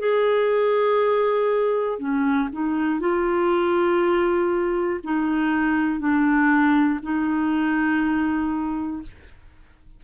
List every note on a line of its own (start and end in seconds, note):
0.00 2.00 G#4
2.00 2.50 C#4
2.53 3.01 D#4
3.01 5.01 F4
5.04 6.00 D#4
6.00 7.00 D4
7.03 9.03 D#4